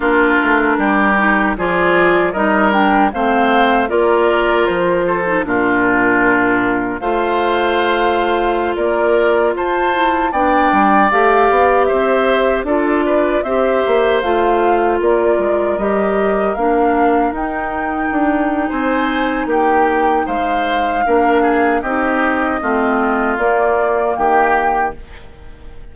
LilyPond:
<<
  \new Staff \with { instrumentName = "flute" } { \time 4/4 \tempo 4 = 77 ais'2 d''4 dis''8 g''8 | f''4 d''4 c''4 ais'4~ | ais'4 f''2~ f''16 d''8.~ | d''16 a''4 g''4 f''4 e''8.~ |
e''16 d''4 e''4 f''4 d''8.~ | d''16 dis''4 f''4 g''4.~ g''16 | gis''4 g''4 f''2 | dis''2 d''4 g''4 | }
  \new Staff \with { instrumentName = "oboe" } { \time 4/4 f'4 g'4 gis'4 ais'4 | c''4 ais'4. a'8 f'4~ | f'4 c''2~ c''16 ais'8.~ | ais'16 c''4 d''2 c''8.~ |
c''16 a'8 b'8 c''2 ais'8.~ | ais'1 | c''4 g'4 c''4 ais'8 gis'8 | g'4 f'2 g'4 | }
  \new Staff \with { instrumentName = "clarinet" } { \time 4/4 d'4. dis'8 f'4 dis'8 d'8 | c'4 f'4.~ f'16 dis'16 d'4~ | d'4 f'2.~ | f'8. e'8 d'4 g'4.~ g'16~ |
g'16 f'4 g'4 f'4.~ f'16~ | f'16 g'4 d'4 dis'4.~ dis'16~ | dis'2. d'4 | dis'4 c'4 ais2 | }
  \new Staff \with { instrumentName = "bassoon" } { \time 4/4 ais8 a8 g4 f4 g4 | a4 ais4 f4 ais,4~ | ais,4 a2~ a16 ais8.~ | ais16 f'4 b8 g8 a8 b8 c'8.~ |
c'16 d'4 c'8 ais8 a4 ais8 gis16~ | gis16 g4 ais4 dis'4 d'8. | c'4 ais4 gis4 ais4 | c'4 a4 ais4 dis4 | }
>>